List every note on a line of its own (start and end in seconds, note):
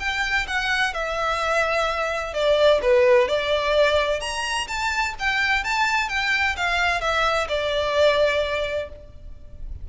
0.00 0.47 G5
0.48 0.94 F#5
0.94 2.34 E5
2.34 2.81 D5
2.82 3.29 B4
3.29 4.21 D5
4.21 4.68 A#5
4.68 5.15 A5
5.20 5.65 G5
5.65 6.09 A5
6.09 6.56 G5
6.57 7.01 F5
7.01 7.48 E5
7.49 8.90 D5